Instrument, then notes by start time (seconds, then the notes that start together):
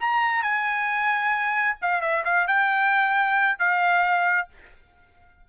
trumpet
0.00 A#5
0.42 G#5
1.82 F5
2.01 E5
2.25 F5
2.47 G5
3.59 F5